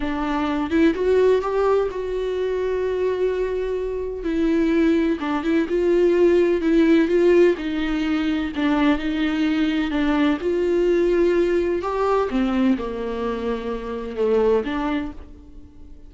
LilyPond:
\new Staff \with { instrumentName = "viola" } { \time 4/4 \tempo 4 = 127 d'4. e'8 fis'4 g'4 | fis'1~ | fis'4 e'2 d'8 e'8 | f'2 e'4 f'4 |
dis'2 d'4 dis'4~ | dis'4 d'4 f'2~ | f'4 g'4 c'4 ais4~ | ais2 a4 d'4 | }